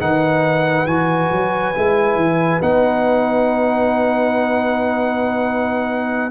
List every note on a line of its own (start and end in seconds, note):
0.00 0.86 D#3
0.00 0.87 D#4
0.00 6.31 B4
0.00 0.86 F#5
0.86 1.30 E3
0.86 1.74 F#4
0.86 2.60 G#5
1.31 1.75 F#3
1.75 2.16 G#3
1.75 2.61 E4
2.16 2.60 E3
2.61 6.31 B3
2.61 6.31 D#4
2.61 6.31 F#5